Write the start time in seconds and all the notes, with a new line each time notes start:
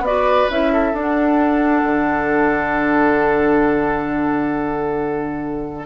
0.00 B3 F#4 D5
0.07 B4
0.50 C#4 E4 E5
0.73 A4
0.93 D4 F#5
1.83 D3